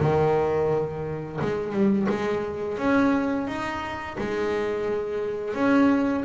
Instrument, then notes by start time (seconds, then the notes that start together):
double bass
0.00 D#3
1.41 G#3
1.72 G3
2.09 G#3
2.77 C#4
3.47 D#4
4.18 G#3
5.54 C#4